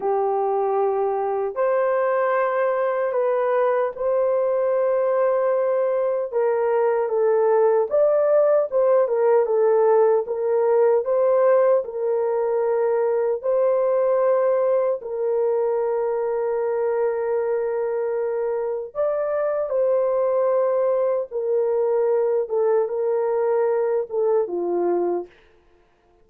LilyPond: \new Staff \with { instrumentName = "horn" } { \time 4/4 \tempo 4 = 76 g'2 c''2 | b'4 c''2. | ais'4 a'4 d''4 c''8 ais'8 | a'4 ais'4 c''4 ais'4~ |
ais'4 c''2 ais'4~ | ais'1 | d''4 c''2 ais'4~ | ais'8 a'8 ais'4. a'8 f'4 | }